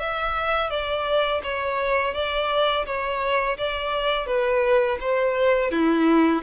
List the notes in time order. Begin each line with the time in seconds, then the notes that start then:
0.00 E5
0.70 D5
1.44 C#5
2.14 D5
2.86 C#5
3.58 D5
4.27 B4
5.01 C5
5.72 E4